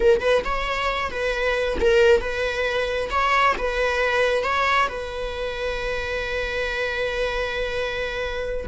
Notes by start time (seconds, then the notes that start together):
0.00 A#4
0.20 B4
0.44 C#5
1.11 B4
1.80 A#4
2.20 B4
3.10 C#5
3.58 B4
4.43 C#5
4.88 B4